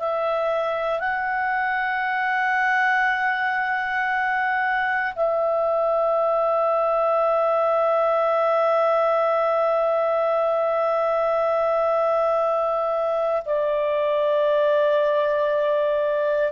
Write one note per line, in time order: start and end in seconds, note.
0.00 1.00 E5
1.00 5.14 F#5
5.16 13.43 E5
13.46 16.53 D5